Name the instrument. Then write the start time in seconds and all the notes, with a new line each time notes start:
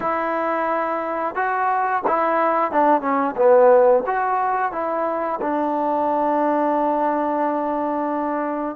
trombone
0.00 E4
1.35 F#4
2.07 E4
2.71 D4
3.01 C#4
3.36 B3
4.06 F#4
4.72 E4
5.41 D4